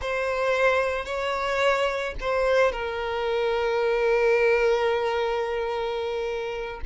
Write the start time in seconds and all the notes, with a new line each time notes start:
0.01 C5
1.05 C#5
2.20 C5
2.71 A#4